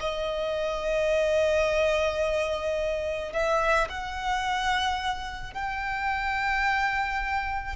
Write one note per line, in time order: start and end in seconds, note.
0.00 3.33 D#5
3.33 3.88 E5
3.89 5.54 F#5
5.54 7.76 G5